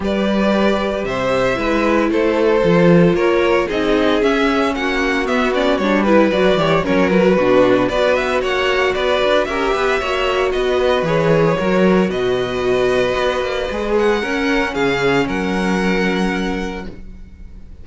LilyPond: <<
  \new Staff \with { instrumentName = "violin" } { \time 4/4 \tempo 4 = 114 d''2 e''2 | c''2 cis''4 dis''4 | e''4 fis''4 e''8 d''8 cis''8 b'8 | d''4 cis''8 b'4. d''8 e''8 |
fis''4 d''4 e''2 | dis''4 cis''2 dis''4~ | dis''2~ dis''8 fis''4. | f''4 fis''2. | }
  \new Staff \with { instrumentName = "violin" } { \time 4/4 b'2 c''4 b'4 | a'2 ais'4 gis'4~ | gis'4 fis'2~ fis'8 b'8~ | b'8 cis''8 ais'4 fis'4 b'4 |
cis''4 b'4 ais'8 b'8 cis''4 | b'2 ais'4 b'4~ | b'2. ais'4 | gis'4 ais'2. | }
  \new Staff \with { instrumentName = "viola" } { \time 4/4 g'2. e'4~ | e'4 f'2 dis'4 | cis'2 b8 cis'8 d'8 e'8 | fis'8 g'8 cis'8 fis'8 d'4 fis'4~ |
fis'2 g'4 fis'4~ | fis'4 gis'4 fis'2~ | fis'2 gis'4 cis'4~ | cis'1 | }
  \new Staff \with { instrumentName = "cello" } { \time 4/4 g2 c4 gis4 | a4 f4 ais4 c'4 | cis'4 ais4 b4 g4 | fis8 e8 fis4 b,4 b4 |
ais4 b8 d'8 cis'8 b8 ais4 | b4 e4 fis4 b,4~ | b,4 b8 ais8 gis4 cis'4 | cis4 fis2. | }
>>